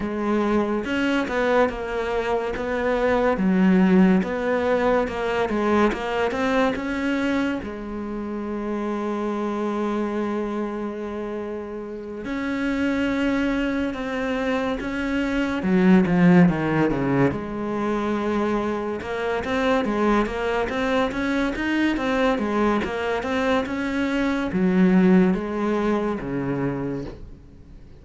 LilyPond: \new Staff \with { instrumentName = "cello" } { \time 4/4 \tempo 4 = 71 gis4 cis'8 b8 ais4 b4 | fis4 b4 ais8 gis8 ais8 c'8 | cis'4 gis2.~ | gis2~ gis8 cis'4.~ |
cis'8 c'4 cis'4 fis8 f8 dis8 | cis8 gis2 ais8 c'8 gis8 | ais8 c'8 cis'8 dis'8 c'8 gis8 ais8 c'8 | cis'4 fis4 gis4 cis4 | }